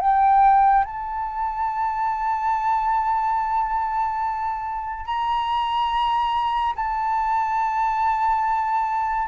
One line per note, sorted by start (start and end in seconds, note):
0.00 0.84 G5
0.84 5.06 A5
5.06 6.75 A#5
6.76 9.28 A5